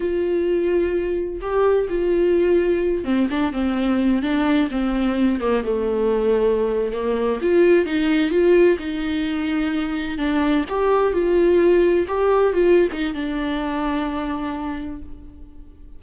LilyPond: \new Staff \with { instrumentName = "viola" } { \time 4/4 \tempo 4 = 128 f'2. g'4 | f'2~ f'8 c'8 d'8 c'8~ | c'4 d'4 c'4. ais8 | a2~ a8. ais4 f'16~ |
f'8. dis'4 f'4 dis'4~ dis'16~ | dis'4.~ dis'16 d'4 g'4 f'16~ | f'4.~ f'16 g'4 f'8. dis'8 | d'1 | }